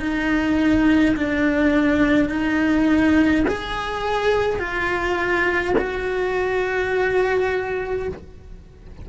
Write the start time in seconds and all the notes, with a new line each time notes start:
0.00 D#4
1.16 D4
2.29 D#4
3.47 G#4
4.59 F4
5.77 F#4